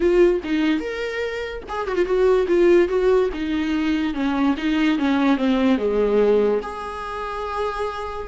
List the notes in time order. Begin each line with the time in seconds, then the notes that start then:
0.00 F4
0.43 D#4
0.80 A#4
1.68 G#4
1.87 F#4
1.95 F4
2.05 F#4
2.47 F4
2.88 F#4
3.33 D#4
4.13 C#4
4.57 D#4
4.98 C#4
5.37 C4
5.77 G#3
6.62 G#4